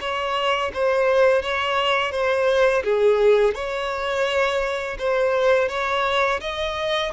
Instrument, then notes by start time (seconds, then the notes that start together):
violin
0.00 C#5
0.74 C5
1.42 C#5
2.11 C5
2.83 G#4
3.55 C#5
4.99 C5
5.69 C#5
6.41 D#5